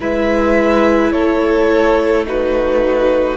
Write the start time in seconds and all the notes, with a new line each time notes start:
0.00 G#3 E4 B4 E5
1.12 A3 A4 C#5
2.26 D#4 F#4 B4